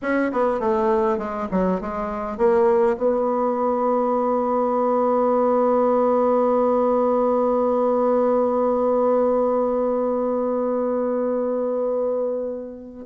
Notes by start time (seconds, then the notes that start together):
0.02 C#4
0.32 B3
0.59 A3
1.17 G#3
1.51 F#3
1.81 G#3
2.37 A#3
2.97 B3